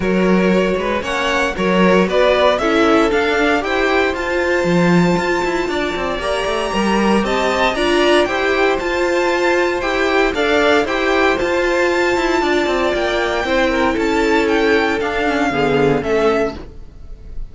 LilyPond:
<<
  \new Staff \with { instrumentName = "violin" } { \time 4/4 \tempo 4 = 116 cis''2 fis''4 cis''4 | d''4 e''4 f''4 g''4 | a''1 | ais''2 a''4 ais''4 |
g''4 a''2 g''4 | f''4 g''4 a''2~ | a''4 g''2 a''4 | g''4 f''2 e''4 | }
  \new Staff \with { instrumentName = "violin" } { \time 4/4 ais'4. b'8 cis''4 ais'4 | b'4 a'2 c''4~ | c''2. d''4~ | d''4 ais'4 dis''4 d''4 |
c''1 | d''4 c''2. | d''2 c''8 ais'8 a'4~ | a'2 gis'4 a'4 | }
  \new Staff \with { instrumentName = "viola" } { \time 4/4 fis'2 cis'4 fis'4~ | fis'4 e'4 d'4 g'4 | f'1 | g'2. f'4 |
g'4 f'2 g'4 | a'4 g'4 f'2~ | f'2 e'2~ | e'4 d'8 cis'8 b4 cis'4 | }
  \new Staff \with { instrumentName = "cello" } { \time 4/4 fis4. gis8 ais4 fis4 | b4 cis'4 d'4 e'4 | f'4 f4 f'8 e'8 d'8 c'8 | ais8 a8 g4 c'4 d'4 |
e'4 f'2 e'4 | d'4 e'4 f'4. e'8 | d'8 c'8 ais4 c'4 cis'4~ | cis'4 d'4 d4 a4 | }
>>